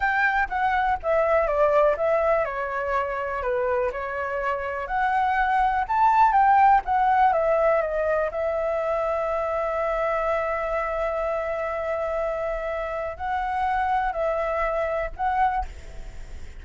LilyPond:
\new Staff \with { instrumentName = "flute" } { \time 4/4 \tempo 4 = 123 g''4 fis''4 e''4 d''4 | e''4 cis''2 b'4 | cis''2 fis''2 | a''4 g''4 fis''4 e''4 |
dis''4 e''2.~ | e''1~ | e''2. fis''4~ | fis''4 e''2 fis''4 | }